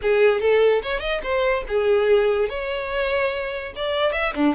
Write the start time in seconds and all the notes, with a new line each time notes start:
0.02 G#4
0.40 A4
0.82 C#5
0.99 D#5
1.23 C5
1.68 G#4
2.49 C#5
3.75 D5
4.12 E5
4.35 D4